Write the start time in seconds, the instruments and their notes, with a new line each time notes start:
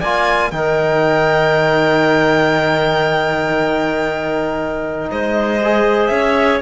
0.00 cello A#3, trombone F4, clarinet D5, violin G#5
0.52 cello D#3, trombone D#4, clarinet A#4, violin G5
5.12 cello G#3, clarinet C5, violin D#5
5.64 trombone G#4
6.08 cello C#4, clarinet C#5, violin E5